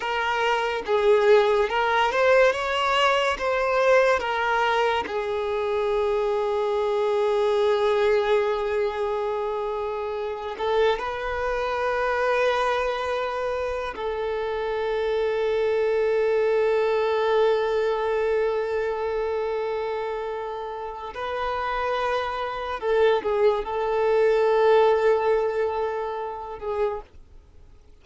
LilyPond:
\new Staff \with { instrumentName = "violin" } { \time 4/4 \tempo 4 = 71 ais'4 gis'4 ais'8 c''8 cis''4 | c''4 ais'4 gis'2~ | gis'1~ | gis'8 a'8 b'2.~ |
b'8 a'2.~ a'8~ | a'1~ | a'4 b'2 a'8 gis'8 | a'2.~ a'8 gis'8 | }